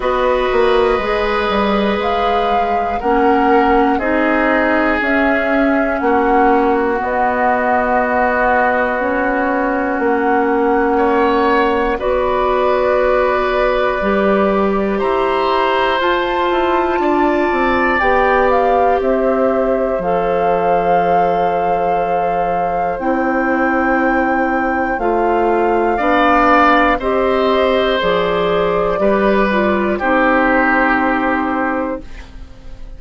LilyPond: <<
  \new Staff \with { instrumentName = "flute" } { \time 4/4 \tempo 4 = 60 dis''2 f''4 fis''4 | dis''4 e''4 fis''4 dis''4~ | dis''4 cis''4 fis''2 | d''2. ais''4 |
a''2 g''8 f''8 e''4 | f''2. g''4~ | g''4 f''2 dis''4 | d''2 c''2 | }
  \new Staff \with { instrumentName = "oboe" } { \time 4/4 b'2. ais'4 | gis'2 fis'2~ | fis'2. cis''4 | b'2. c''4~ |
c''4 d''2 c''4~ | c''1~ | c''2 d''4 c''4~ | c''4 b'4 g'2 | }
  \new Staff \with { instrumentName = "clarinet" } { \time 4/4 fis'4 gis'2 cis'4 | dis'4 cis'2 b4~ | b4 cis'2. | fis'2 g'2 |
f'2 g'2 | a'2. e'4~ | e'4 f'4 d'4 g'4 | gis'4 g'8 f'8 dis'2 | }
  \new Staff \with { instrumentName = "bassoon" } { \time 4/4 b8 ais8 gis8 g8 gis4 ais4 | c'4 cis'4 ais4 b4~ | b2 ais2 | b2 g4 e'4 |
f'8 e'8 d'8 c'8 b4 c'4 | f2. c'4~ | c'4 a4 b4 c'4 | f4 g4 c'2 | }
>>